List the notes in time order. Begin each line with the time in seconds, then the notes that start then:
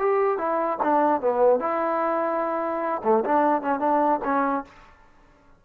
0.00 G4
0.38 E4
0.83 D4
1.21 B3
1.60 E4
3.04 A3
3.25 D4
3.62 C#4
3.80 D4
4.25 C#4